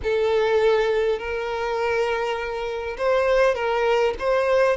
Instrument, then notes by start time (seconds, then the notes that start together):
violin
0.03 A4
1.18 A#4
2.97 C5
3.54 A#4
4.19 C5